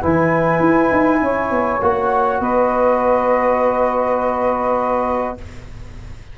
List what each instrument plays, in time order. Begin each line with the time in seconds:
0.00 tuba E3, trombone E4, saxophone B4, flute G#5
0.60 tuba E4
0.92 tuba D#4
1.21 tuba C#4, saxophone C#5
1.50 tuba B3
1.81 tuba A#3, trombone F#4, flute F#5
2.40 tuba B3, saxophone B4, flute D#5